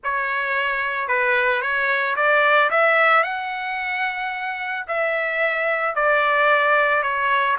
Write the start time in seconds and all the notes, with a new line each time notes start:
0.03 C#5
1.08 B4
1.61 C#5
2.15 D5
2.70 E5
3.23 F#5
4.87 E5
5.95 D5
7.02 C#5